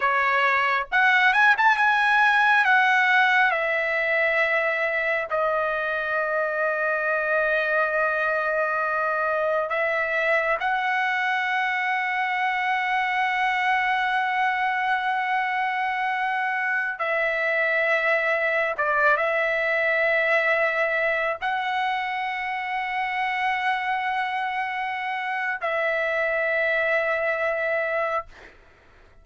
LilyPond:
\new Staff \with { instrumentName = "trumpet" } { \time 4/4 \tempo 4 = 68 cis''4 fis''8 gis''16 a''16 gis''4 fis''4 | e''2 dis''2~ | dis''2. e''4 | fis''1~ |
fis''2.~ fis''16 e''8.~ | e''4~ e''16 d''8 e''2~ e''16~ | e''16 fis''2.~ fis''8.~ | fis''4 e''2. | }